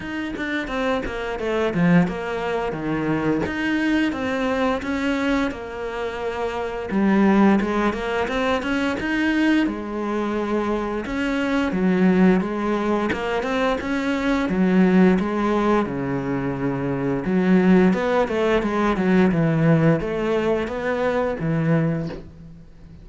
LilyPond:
\new Staff \with { instrumentName = "cello" } { \time 4/4 \tempo 4 = 87 dis'8 d'8 c'8 ais8 a8 f8 ais4 | dis4 dis'4 c'4 cis'4 | ais2 g4 gis8 ais8 | c'8 cis'8 dis'4 gis2 |
cis'4 fis4 gis4 ais8 c'8 | cis'4 fis4 gis4 cis4~ | cis4 fis4 b8 a8 gis8 fis8 | e4 a4 b4 e4 | }